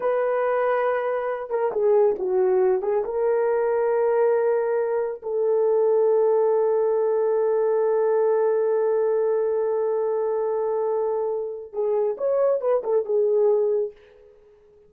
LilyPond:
\new Staff \with { instrumentName = "horn" } { \time 4/4 \tempo 4 = 138 b'2.~ b'8 ais'8 | gis'4 fis'4. gis'8 ais'4~ | ais'1 | a'1~ |
a'1~ | a'1~ | a'2. gis'4 | cis''4 b'8 a'8 gis'2 | }